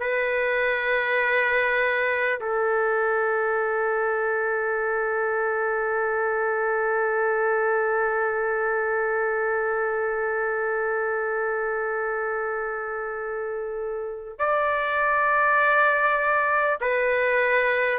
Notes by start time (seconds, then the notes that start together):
0.00 B4
2.41 A4
14.39 D5
16.81 B4